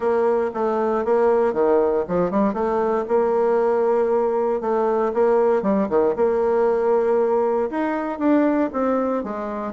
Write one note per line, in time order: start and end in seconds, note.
0.00 0.50 A#3
0.54 1.05 A3
1.05 1.53 A#3
1.53 2.04 D#3
2.08 2.30 F3
2.30 2.53 G3
2.53 3.05 A3
3.07 4.61 A#3
4.61 5.12 A3
5.13 5.62 A#3
5.62 5.87 G3
5.89 6.14 D#3
6.16 7.69 A#3
7.70 8.18 D#4
8.18 8.69 D4
8.72 9.23 C4
9.23 9.72 G#3